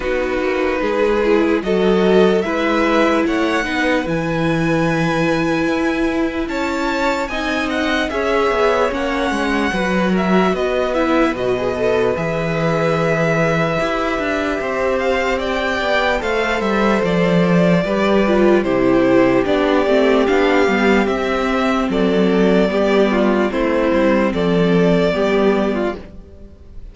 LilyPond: <<
  \new Staff \with { instrumentName = "violin" } { \time 4/4 \tempo 4 = 74 b'2 dis''4 e''4 | fis''4 gis''2. | a''4 gis''8 fis''8 e''4 fis''4~ | fis''8 e''8 dis''8 e''8 dis''4 e''4~ |
e''2~ e''8 f''8 g''4 | f''8 e''8 d''2 c''4 | d''4 f''4 e''4 d''4~ | d''4 c''4 d''2 | }
  \new Staff \with { instrumentName = "violin" } { \time 4/4 fis'4 gis'4 a'4 b'4 | cis''8 b'2.~ b'8 | cis''4 dis''4 cis''2 | b'8 ais'8 b'2.~ |
b'2 c''4 d''4 | c''2 b'4 g'4~ | g'2. a'4 | g'8 f'8 e'4 a'4 g'8. f'16 | }
  \new Staff \with { instrumentName = "viola" } { \time 4/4 dis'4. e'8 fis'4 e'4~ | e'8 dis'8 e'2.~ | e'4 dis'4 gis'4 cis'4 | fis'4. e'8 fis'16 gis'16 a'8 gis'4~ |
gis'4 g'2. | a'2 g'8 f'8 e'4 | d'8 c'8 d'8 b8 c'2 | b4 c'2 b4 | }
  \new Staff \with { instrumentName = "cello" } { \time 4/4 b8 ais8 gis4 fis4 gis4 | a8 b8 e2 e'4 | cis'4 c'4 cis'8 b8 ais8 gis8 | fis4 b4 b,4 e4~ |
e4 e'8 d'8 c'4. b8 | a8 g8 f4 g4 c4 | b8 a8 b8 g8 c'4 fis4 | g4 a8 g8 f4 g4 | }
>>